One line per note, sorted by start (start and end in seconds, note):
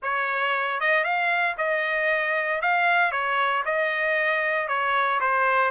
0.02 0.80 C#5
0.80 1.04 D#5
1.04 1.56 F5
1.57 2.61 D#5
2.61 3.11 F5
3.11 3.63 C#5
3.65 4.68 D#5
4.68 5.20 C#5
5.20 5.71 C5